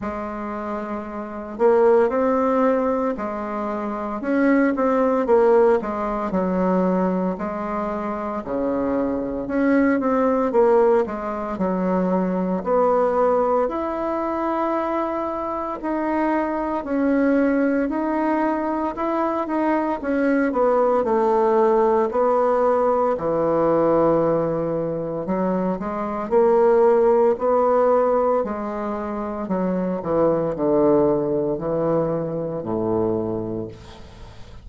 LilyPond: \new Staff \with { instrumentName = "bassoon" } { \time 4/4 \tempo 4 = 57 gis4. ais8 c'4 gis4 | cis'8 c'8 ais8 gis8 fis4 gis4 | cis4 cis'8 c'8 ais8 gis8 fis4 | b4 e'2 dis'4 |
cis'4 dis'4 e'8 dis'8 cis'8 b8 | a4 b4 e2 | fis8 gis8 ais4 b4 gis4 | fis8 e8 d4 e4 a,4 | }